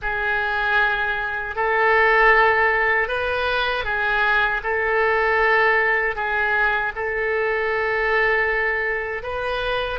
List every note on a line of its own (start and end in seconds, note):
0.01 1.55 G#4
1.55 3.08 A4
3.08 3.84 B4
3.84 4.61 G#4
4.63 6.15 A4
6.15 6.92 G#4
6.95 9.23 A4
9.23 9.99 B4